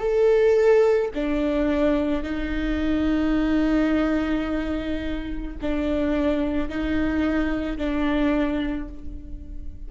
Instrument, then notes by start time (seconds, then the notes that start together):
viola
0.00 A4
1.15 D4
2.24 D#4
5.62 D4
6.69 D#4
7.78 D4